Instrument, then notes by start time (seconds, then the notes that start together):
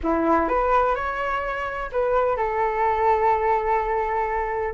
flute
0.03 E4
0.48 B4
0.95 C#5
1.92 B4
2.36 A4